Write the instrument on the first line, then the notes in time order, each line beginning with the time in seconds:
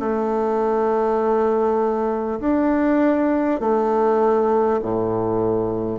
bassoon
0.00 A3
2.40 D4
3.60 A3
4.82 A2